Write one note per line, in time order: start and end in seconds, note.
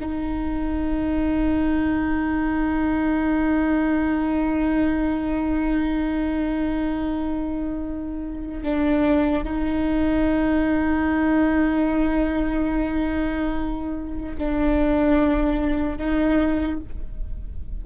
0.00 8.63 D#4
8.63 9.44 D4
9.44 14.37 D#4
14.38 15.98 D4
15.98 16.80 D#4